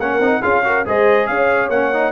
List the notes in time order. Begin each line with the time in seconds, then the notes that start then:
0.00 A#3 C#4 A#4 F#5
0.20 C4 D#4
0.42 C#4 F4 G#4 F5
0.64 F#4 A#4
0.86 G#3 G#4 C5 D#5
1.27 C#4 C#5 F5
1.70 A#3 C#4 F#5
1.94 D#4